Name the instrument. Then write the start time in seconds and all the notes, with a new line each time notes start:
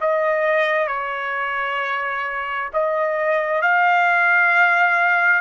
trumpet
0.00 D#5
0.87 C#5
2.73 D#5
3.62 F5